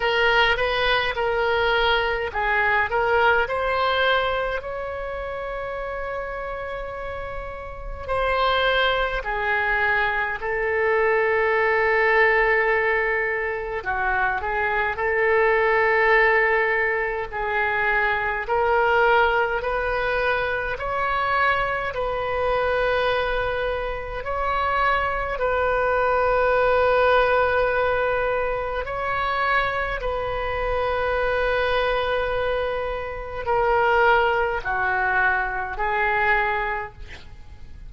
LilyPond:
\new Staff \with { instrumentName = "oboe" } { \time 4/4 \tempo 4 = 52 ais'8 b'8 ais'4 gis'8 ais'8 c''4 | cis''2. c''4 | gis'4 a'2. | fis'8 gis'8 a'2 gis'4 |
ais'4 b'4 cis''4 b'4~ | b'4 cis''4 b'2~ | b'4 cis''4 b'2~ | b'4 ais'4 fis'4 gis'4 | }